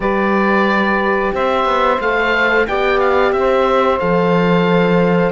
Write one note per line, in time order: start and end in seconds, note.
0.00 1.31 G3
0.00 1.98 G4
0.00 1.33 B4
0.00 1.34 D5
1.33 1.65 C4
1.33 2.67 C5
1.33 2.00 E5
1.65 1.98 B3
2.00 2.67 A3
2.00 2.67 A4
2.00 2.67 F5
2.67 3.32 B3
2.67 4.00 G4
2.67 3.34 D5
2.67 2.99 G5
2.99 3.32 F5
3.32 3.98 C4
3.32 3.99 E5
3.38 5.31 C5
3.99 5.31 F3
3.99 5.31 A4
3.99 5.31 F5